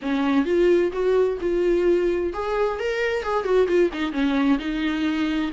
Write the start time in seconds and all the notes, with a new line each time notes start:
0.01 C#4
0.45 F4
0.92 F#4
1.41 F4
2.33 G#4
2.79 A#4
3.23 G#4
3.44 F#4
3.67 F4
3.93 D#4
4.12 C#4
4.58 D#4